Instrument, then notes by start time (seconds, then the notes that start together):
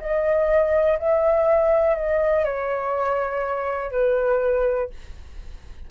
flute
0.00 D#5
0.99 E5
1.95 D#5
2.45 C#5
3.92 B4